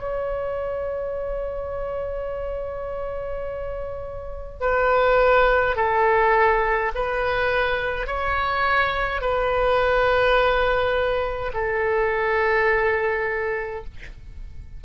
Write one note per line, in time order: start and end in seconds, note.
0.00 4.60 C#5
4.60 5.76 B4
5.76 6.91 A4
6.95 8.07 B4
8.07 9.21 C#5
9.21 11.52 B4
11.54 13.85 A4